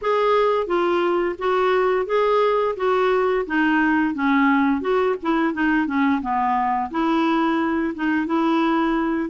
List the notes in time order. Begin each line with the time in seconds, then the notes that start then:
0.01 G#4
0.66 F4
1.38 F#4
2.06 G#4
2.76 F#4
3.46 D#4
4.14 C#4
4.81 F#4
5.22 E4
5.53 D#4
5.86 C#4
6.21 B3
6.90 E4
7.94 D#4
8.26 E4